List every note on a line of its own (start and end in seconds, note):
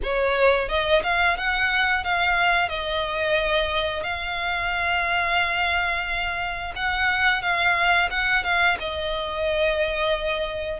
0.03 0.68 C#5
0.68 1.02 D#5
1.03 1.37 F5
1.37 2.04 F#5
2.04 2.68 F5
2.68 4.03 D#5
4.03 6.73 F5
6.75 7.42 F#5
7.42 8.09 F5
8.10 8.43 F#5
8.43 8.77 F5
8.79 10.79 D#5